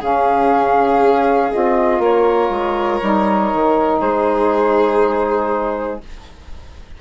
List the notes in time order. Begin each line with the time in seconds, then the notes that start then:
0.00 C#3 C#4 G#4 F5
1.01 C#4
1.51 C4 F4 D#5
1.99 A#3 A#4 C#5
2.50 G#3
3.00 G3 D#4
3.54 D#3
3.99 G#3 G#4 C5